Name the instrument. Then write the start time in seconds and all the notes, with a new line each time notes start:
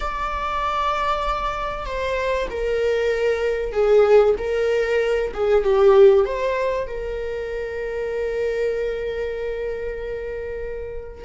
viola
0.00 D5
1.86 C5
2.49 A#4
3.72 G#4
4.38 A#4
5.33 G#4
5.64 G4
6.25 C5
6.87 A#4